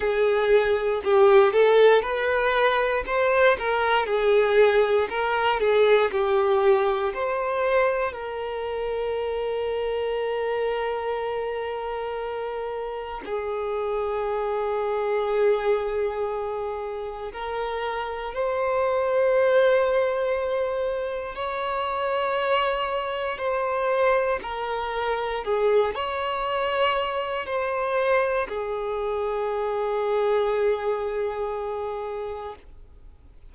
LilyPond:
\new Staff \with { instrumentName = "violin" } { \time 4/4 \tempo 4 = 59 gis'4 g'8 a'8 b'4 c''8 ais'8 | gis'4 ais'8 gis'8 g'4 c''4 | ais'1~ | ais'4 gis'2.~ |
gis'4 ais'4 c''2~ | c''4 cis''2 c''4 | ais'4 gis'8 cis''4. c''4 | gis'1 | }